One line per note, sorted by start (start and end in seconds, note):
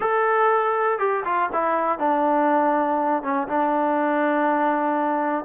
0.00 0.98 A4
0.98 1.23 G4
1.24 1.49 F4
1.52 1.98 E4
1.98 3.22 D4
3.22 3.47 C#4
3.48 5.44 D4